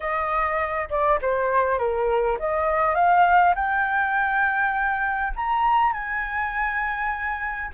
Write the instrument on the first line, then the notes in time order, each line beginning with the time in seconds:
flute
0.00 D#5
0.89 D5
1.21 C5
1.78 A#4
2.39 D#5
2.95 F5
3.55 G5
5.36 A#5
5.92 G#5